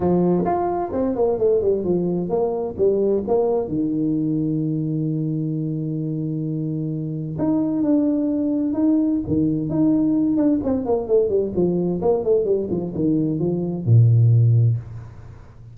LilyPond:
\new Staff \with { instrumentName = "tuba" } { \time 4/4 \tempo 4 = 130 f4 f'4 c'8 ais8 a8 g8 | f4 ais4 g4 ais4 | dis1~ | dis1 |
dis'4 d'2 dis'4 | dis4 dis'4. d'8 c'8 ais8 | a8 g8 f4 ais8 a8 g8 f8 | dis4 f4 ais,2 | }